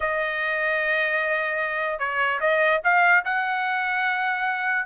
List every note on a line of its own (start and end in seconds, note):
0.00 1.99 D#5
1.99 2.39 C#5
2.40 2.80 D#5
2.84 3.24 F5
3.25 4.86 F#5